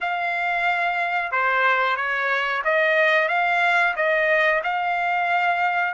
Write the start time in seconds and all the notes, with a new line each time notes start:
0.00 F5
1.31 C5
1.96 C#5
2.64 D#5
3.28 F5
3.96 D#5
4.63 F5